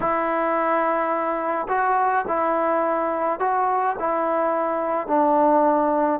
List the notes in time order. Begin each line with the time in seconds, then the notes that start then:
0.00 E4
1.68 F#4
2.27 E4
3.39 F#4
3.99 E4
5.07 D4